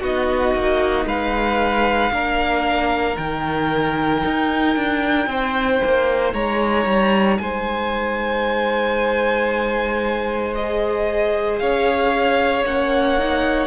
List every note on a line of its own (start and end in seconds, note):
0.00 0.54 B3
0.00 2.12 D#4
0.00 1.05 F#4
0.00 1.07 D#5
0.55 1.05 A#3
1.05 2.11 G#3
1.05 2.12 B4
1.05 3.17 F5
2.11 3.16 A#3
2.11 3.15 D4
2.11 5.29 A#4
3.15 4.23 D#3
3.15 10.52 D#4
3.15 6.33 G5
4.24 4.76 D#4
4.76 5.27 D4
5.27 5.79 C4
5.27 6.34 C5
5.84 6.33 A#3
6.33 6.85 G#3
6.33 7.39 C#5
6.33 7.38 A#5
6.85 7.38 G3
7.38 11.61 G#3
7.38 11.61 C5
7.38 10.54 G#5
10.54 12.66 G#4
10.54 11.59 D#5
11.59 12.63 C#4
11.59 13.67 C#5
11.59 12.64 F5
12.63 13.67 A#3
12.63 13.19 C#4
12.63 13.67 F#5
13.19 13.67 D#4